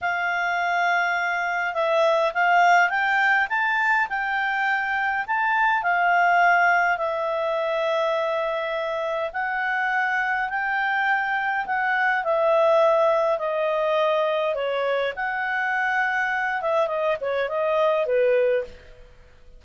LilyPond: \new Staff \with { instrumentName = "clarinet" } { \time 4/4 \tempo 4 = 103 f''2. e''4 | f''4 g''4 a''4 g''4~ | g''4 a''4 f''2 | e''1 |
fis''2 g''2 | fis''4 e''2 dis''4~ | dis''4 cis''4 fis''2~ | fis''8 e''8 dis''8 cis''8 dis''4 b'4 | }